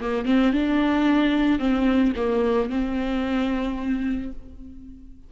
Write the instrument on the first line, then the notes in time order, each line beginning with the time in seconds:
viola
0.00 A#3
0.25 C4
0.53 D4
1.59 C4
2.16 A#3
2.70 C4